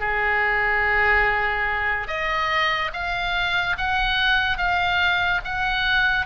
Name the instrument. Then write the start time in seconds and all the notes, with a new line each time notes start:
oboe
0.00 G#4
2.08 D#5
2.93 F5
3.78 F#5
4.58 F5
5.45 F#5